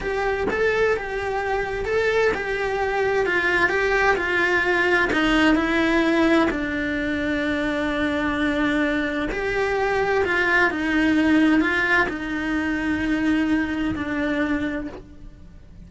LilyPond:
\new Staff \with { instrumentName = "cello" } { \time 4/4 \tempo 4 = 129 g'4 a'4 g'2 | a'4 g'2 f'4 | g'4 f'2 dis'4 | e'2 d'2~ |
d'1 | g'2 f'4 dis'4~ | dis'4 f'4 dis'2~ | dis'2 d'2 | }